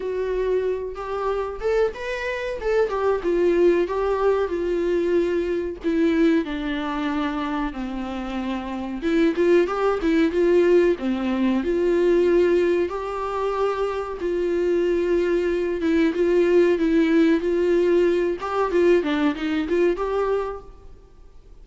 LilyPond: \new Staff \with { instrumentName = "viola" } { \time 4/4 \tempo 4 = 93 fis'4. g'4 a'8 b'4 | a'8 g'8 f'4 g'4 f'4~ | f'4 e'4 d'2 | c'2 e'8 f'8 g'8 e'8 |
f'4 c'4 f'2 | g'2 f'2~ | f'8 e'8 f'4 e'4 f'4~ | f'8 g'8 f'8 d'8 dis'8 f'8 g'4 | }